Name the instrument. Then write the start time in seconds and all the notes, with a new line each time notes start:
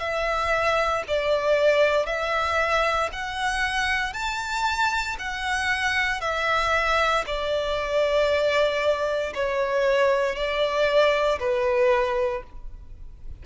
violin
0.00 E5
1.08 D5
2.06 E5
3.13 F#5
4.13 A5
5.19 F#5
6.22 E5
7.27 D5
9.35 C#5
10.36 D5
11.40 B4